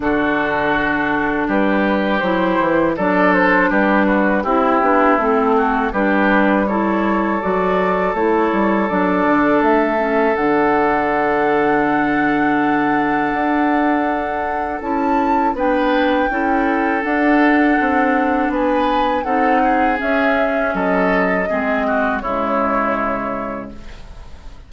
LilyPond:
<<
  \new Staff \with { instrumentName = "flute" } { \time 4/4 \tempo 4 = 81 a'2 b'4 c''4 | d''8 c''8 b'4 g'4 a'4 | b'4 cis''4 d''4 cis''4 | d''4 e''4 fis''2~ |
fis''1 | a''4 g''2 fis''4~ | fis''4 gis''4 fis''4 e''4 | dis''2 cis''2 | }
  \new Staff \with { instrumentName = "oboe" } { \time 4/4 fis'2 g'2 | a'4 g'8 fis'8 e'4. fis'8 | g'4 a'2.~ | a'1~ |
a'1~ | a'4 b'4 a'2~ | a'4 b'4 a'8 gis'4. | a'4 gis'8 fis'8 e'2 | }
  \new Staff \with { instrumentName = "clarinet" } { \time 4/4 d'2. e'4 | d'2 e'8 d'8 c'4 | d'4 e'4 fis'4 e'4 | d'4. cis'8 d'2~ |
d'1 | e'4 d'4 e'4 d'4~ | d'2 dis'4 cis'4~ | cis'4 c'4 gis2 | }
  \new Staff \with { instrumentName = "bassoon" } { \time 4/4 d2 g4 fis8 e8 | fis4 g4 c'8 b8 a4 | g2 fis4 a8 g8 | fis8 d8 a4 d2~ |
d2 d'2 | cis'4 b4 cis'4 d'4 | c'4 b4 c'4 cis'4 | fis4 gis4 cis2 | }
>>